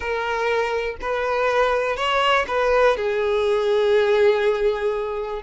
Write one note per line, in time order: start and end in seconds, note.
0.00 0.96 A#4
1.01 1.96 B4
1.96 2.45 C#5
2.47 2.96 B4
2.96 5.42 G#4